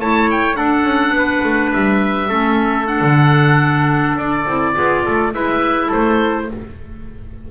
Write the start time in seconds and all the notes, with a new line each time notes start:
0.00 A3 E4 C#5 A5
0.31 G5
0.55 D4 A4 F#5
0.84 C#4
1.11 B3
1.18 B4
1.44 A3
1.73 G3 E5
2.28 A3 C#4 A4
2.86 D4 F#5
3.02 D3
4.16 D4 D5
4.47 C4 E4
4.75 B3 F4 G#4
5.06 A3 A4
5.34 G#3 E4 B4 E5
5.88 A3 A4 C5